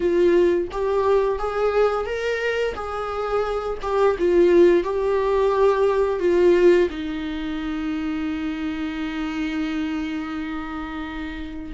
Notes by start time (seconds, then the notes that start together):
0.00 F4
0.71 G4
1.39 G#4
2.05 A#4
2.74 G#4
3.82 G4
4.18 F4
4.83 G4
6.19 F4
6.90 D#4